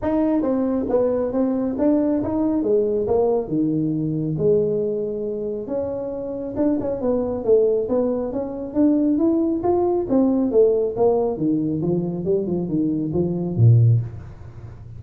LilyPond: \new Staff \with { instrumentName = "tuba" } { \time 4/4 \tempo 4 = 137 dis'4 c'4 b4 c'4 | d'4 dis'4 gis4 ais4 | dis2 gis2~ | gis4 cis'2 d'8 cis'8 |
b4 a4 b4 cis'4 | d'4 e'4 f'4 c'4 | a4 ais4 dis4 f4 | g8 f8 dis4 f4 ais,4 | }